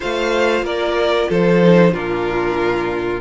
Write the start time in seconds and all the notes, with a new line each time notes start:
0.00 A3 F4 C5 F5
0.62 A#3 A#4 D5
1.28 F3 A4 C5
1.62 D#4
1.93 A#2 D4 F4 A#4